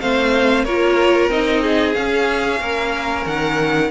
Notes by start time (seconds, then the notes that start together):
0.00 A3 C4 C5 F5
0.64 A#3 F4 A#4 C#5
1.28 C4 D#4 D#5
1.62 G#4
1.94 C#4 F5
2.60 A#3 A#4
3.25 D#3 F#5